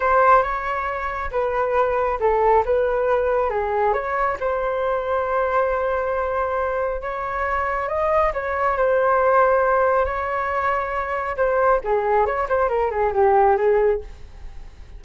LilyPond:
\new Staff \with { instrumentName = "flute" } { \time 4/4 \tempo 4 = 137 c''4 cis''2 b'4~ | b'4 a'4 b'2 | gis'4 cis''4 c''2~ | c''1 |
cis''2 dis''4 cis''4 | c''2. cis''4~ | cis''2 c''4 gis'4 | cis''8 c''8 ais'8 gis'8 g'4 gis'4 | }